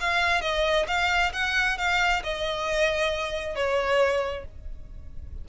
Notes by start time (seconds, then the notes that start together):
0.00 F5
0.41 D#5
0.87 F5
1.33 F#5
1.77 F5
2.23 D#5
3.55 C#5